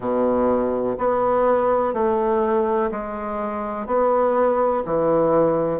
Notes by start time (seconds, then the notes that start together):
0.00 B2
0.98 B3
1.93 A3
2.91 G#3
3.86 B3
4.85 E3